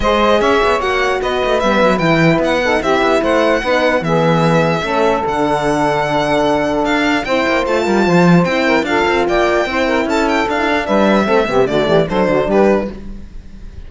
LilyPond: <<
  \new Staff \with { instrumentName = "violin" } { \time 4/4 \tempo 4 = 149 dis''4 e''4 fis''4 dis''4 | e''4 g''4 fis''4 e''4 | fis''2 e''2~ | e''4 fis''2.~ |
fis''4 f''4 g''4 a''4~ | a''4 g''4 f''4 g''4~ | g''4 a''8 g''8 f''4 e''4~ | e''4 d''4 c''4 b'4 | }
  \new Staff \with { instrumentName = "saxophone" } { \time 4/4 c''4 cis''2 b'4~ | b'2~ b'8 a'8 g'4 | c''4 b'4 gis'2 | a'1~ |
a'2 c''4. ais'8 | c''4. ais'8 a'4 d''4 | c''8 ais'8 a'2 b'4 | a'8 g'8 fis'8 g'8 a'8 fis'8 g'4 | }
  \new Staff \with { instrumentName = "horn" } { \time 4/4 gis'2 fis'2 | b4 e'4. dis'8 e'4~ | e'4 dis'4 b2 | cis'4 d'2.~ |
d'2 e'4 f'4~ | f'4 e'4 f'2 | e'2 d'16 e'16 d'4. | c'8 b8 a4 d'2 | }
  \new Staff \with { instrumentName = "cello" } { \time 4/4 gis4 cis'8 b8 ais4 b8 a8 | g8 fis8 e4 b4 c'8 b8 | a4 b4 e2 | a4 d2.~ |
d4 d'4 c'8 ais8 a8 g8 | f4 c'4 d'8 c'8 ais4 | c'4 cis'4 d'4 g4 | a8 c8 d8 e8 fis8 d8 g4 | }
>>